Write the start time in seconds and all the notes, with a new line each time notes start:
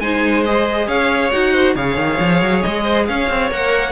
0.00 G#3 D#4 C5 G#5
0.45 G#4 D#5
0.87 C#4 C#5 F5
1.32 D#4 F#4 F#5
1.53 C5
1.75 C#3 G#4 C#5 F5
1.96 D#3
2.20 F3
2.42 F#3
2.63 G#3 D#5
2.84 C5
3.07 C#4 C#5 F5
3.29 C4
3.50 A#3 A#4 F#5